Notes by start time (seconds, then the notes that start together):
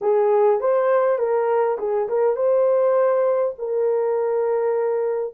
0.01 G#4
0.60 C5
1.18 A#4
1.78 G#4
2.08 A#4
2.36 C5
3.58 A#4